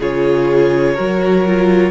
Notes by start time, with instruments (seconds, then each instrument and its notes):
0.00 cello C#3, viola F4, violin G#4 C#5
0.94 cello F#3, viola F#4, violin A#4
1.46 viola F4